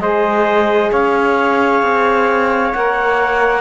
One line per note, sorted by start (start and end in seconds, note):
0.00 0.91 G#3
0.00 2.75 G#4
0.00 0.92 C5
0.00 0.91 D#5
0.92 1.82 C#4
0.92 3.61 C#5
0.92 2.73 F5
1.82 2.73 C4
2.73 3.61 A#3
2.73 3.61 A#4
2.73 3.61 F#5